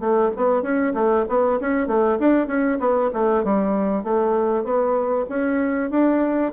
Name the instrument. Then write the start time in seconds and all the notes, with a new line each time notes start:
bassoon
0.00 A3
0.36 B3
0.62 C#4
0.94 A3
1.28 B3
1.60 C#4
1.87 A3
2.19 D4
2.47 C#4
2.79 B3
3.13 A3
3.44 G3
4.03 A3
4.64 B3
5.29 C#4
5.90 D4